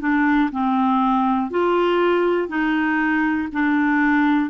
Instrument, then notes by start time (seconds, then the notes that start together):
clarinet
0.00 D4
0.52 C4
1.50 F4
2.49 D#4
3.53 D4